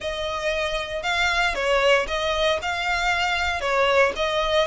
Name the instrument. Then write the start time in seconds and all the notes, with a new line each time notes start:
violin
0.00 D#5
1.03 F5
1.54 C#5
2.07 D#5
2.62 F5
3.60 C#5
4.15 D#5